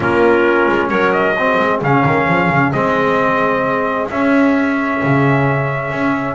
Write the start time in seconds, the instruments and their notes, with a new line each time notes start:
0.00 double bass A#3, trombone C#4, clarinet F4, trumpet A#4
0.68 double bass G#3
0.89 double bass F#3, clarinet A#4, trumpet C#5
1.12 trumpet D#5
1.35 trombone C4, clarinet G#4
1.59 double bass G#3
1.81 double bass C#3, trombone C#4, trumpet F5
2.05 double bass D#3
2.28 double bass F3
2.49 double bass C#3
2.72 double bass G#3, trombone C4, trumpet D#5
4.10 double bass C#4, trombone C#4, trumpet E5
5.03 double bass C#3
5.91 double bass C#4